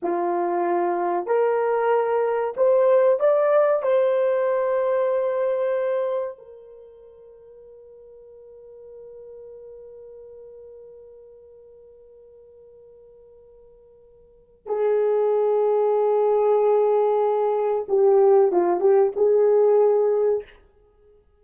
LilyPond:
\new Staff \with { instrumentName = "horn" } { \time 4/4 \tempo 4 = 94 f'2 ais'2 | c''4 d''4 c''2~ | c''2 ais'2~ | ais'1~ |
ais'1~ | ais'2. gis'4~ | gis'1 | g'4 f'8 g'8 gis'2 | }